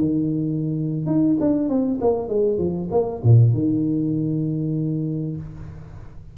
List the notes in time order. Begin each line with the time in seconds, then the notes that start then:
0.00 D#3
1.07 D#4
1.40 D4
1.69 C4
2.01 A#3
2.29 G#3
2.59 F3
2.91 A#3
3.24 A#2
3.53 D#3